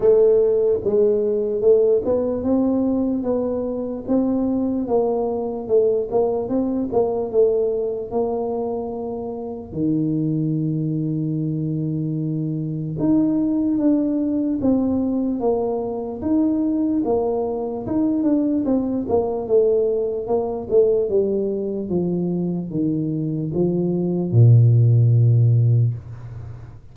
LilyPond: \new Staff \with { instrumentName = "tuba" } { \time 4/4 \tempo 4 = 74 a4 gis4 a8 b8 c'4 | b4 c'4 ais4 a8 ais8 | c'8 ais8 a4 ais2 | dis1 |
dis'4 d'4 c'4 ais4 | dis'4 ais4 dis'8 d'8 c'8 ais8 | a4 ais8 a8 g4 f4 | dis4 f4 ais,2 | }